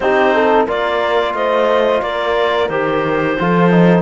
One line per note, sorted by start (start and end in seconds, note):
0.00 0.66 C4
0.00 0.67 D#4
0.00 0.33 G4
0.00 0.65 C5
0.33 0.66 A4
0.66 1.34 A#3
0.66 2.69 F4
0.66 1.34 A#4
0.66 1.34 D5
1.34 2.01 A3
1.34 2.03 C5
1.34 2.02 D#5
2.02 2.69 A#3
2.02 3.38 A#4
2.02 2.68 D5
2.68 3.36 D#3
2.68 3.37 G4
2.68 4.01 C5
3.38 4.01 F3
3.38 3.70 F4
3.38 4.01 A4
3.70 4.01 D#4